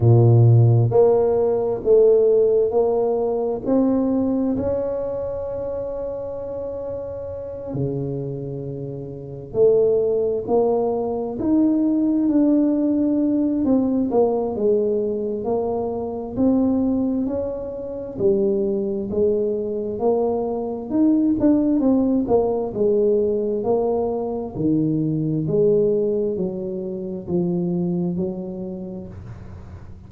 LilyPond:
\new Staff \with { instrumentName = "tuba" } { \time 4/4 \tempo 4 = 66 ais,4 ais4 a4 ais4 | c'4 cis'2.~ | cis'8 cis2 a4 ais8~ | ais8 dis'4 d'4. c'8 ais8 |
gis4 ais4 c'4 cis'4 | g4 gis4 ais4 dis'8 d'8 | c'8 ais8 gis4 ais4 dis4 | gis4 fis4 f4 fis4 | }